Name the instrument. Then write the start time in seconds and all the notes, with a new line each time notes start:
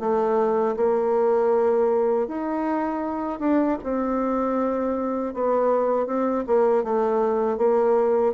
bassoon
0.00 A3
0.77 A#3
2.28 D#4
3.40 D4
3.84 C4
5.34 B3
6.07 C4
6.47 A#3
6.84 A3
7.58 A#3